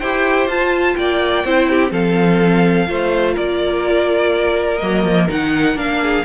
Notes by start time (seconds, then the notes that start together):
0.00 E4 G4 C5 G5
0.48 F4 A5
0.96 A#3 D5 G5
1.45 C4 E4 C5
1.70 G4
1.91 F3 C4 A4 F5
2.87 A3 F4 C5
3.35 A#3 A#4 D5
4.79 F#3 A#3 D#5
5.04 F3
5.29 D#3 D#4 F#5
5.75 A#3 D4 F5
6.02 G#4